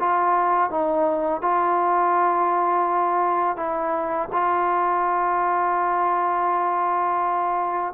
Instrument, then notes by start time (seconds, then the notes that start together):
trombone
0.00 F4
0.71 D#4
1.42 F4
3.57 E4
4.32 F4